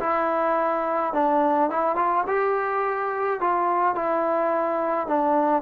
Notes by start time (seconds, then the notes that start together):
0.00 E4
1.13 D4
1.70 E4
1.96 F4
2.27 G4
3.41 F4
3.96 E4
5.07 D4